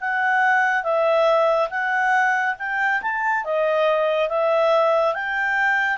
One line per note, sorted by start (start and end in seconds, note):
0.00 0.83 F#5
0.83 1.69 E5
1.69 2.55 F#5
2.58 3.01 G5
3.02 3.44 A5
3.44 4.29 D#5
4.29 5.14 E5
5.14 5.97 G5